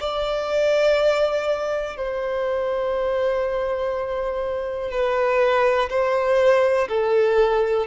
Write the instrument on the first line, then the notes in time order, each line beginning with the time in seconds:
violin
0.00 D5
1.97 C5
4.90 B4
5.90 C5
6.88 A4